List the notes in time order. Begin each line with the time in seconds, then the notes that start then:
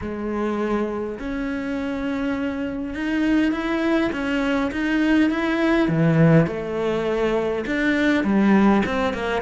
0.01 G#3
1.19 C#4
2.94 D#4
3.52 E4
4.12 C#4
4.71 D#4
5.30 E4
5.88 E3
6.47 A3
7.66 D4
8.24 G3
8.85 C4
9.13 A#3